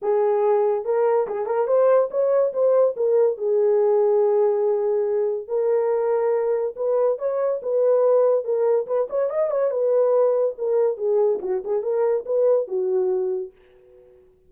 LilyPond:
\new Staff \with { instrumentName = "horn" } { \time 4/4 \tempo 4 = 142 gis'2 ais'4 gis'8 ais'8 | c''4 cis''4 c''4 ais'4 | gis'1~ | gis'4 ais'2. |
b'4 cis''4 b'2 | ais'4 b'8 cis''8 dis''8 cis''8 b'4~ | b'4 ais'4 gis'4 fis'8 gis'8 | ais'4 b'4 fis'2 | }